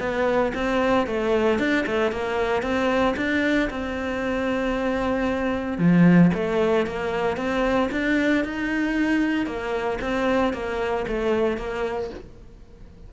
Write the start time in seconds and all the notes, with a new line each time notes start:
0.00 B3
0.55 C4
1.07 A3
1.59 D4
1.87 A3
2.12 A#3
2.63 C4
3.17 D4
3.70 C4
5.79 F3
6.34 A3
6.87 A#3
7.37 C4
7.92 D4
8.45 D#4
9.47 A#3
10.02 C4
10.54 A#3
11.08 A3
11.58 A#3